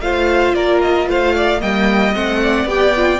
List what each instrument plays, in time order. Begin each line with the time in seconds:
0.00 cello A3, viola F4, violin C5 F5
0.54 cello A#3, violin A#4 D5
0.81 violin D#5
1.08 cello A3, violin C5 F5
1.35 violin D5
1.60 cello G3, viola A#3, violin D#5 G5
2.14 cello A3, viola C4, violin F#5
2.42 violin D5
2.65 cello B3, viola G4, violin G5
2.96 viola F4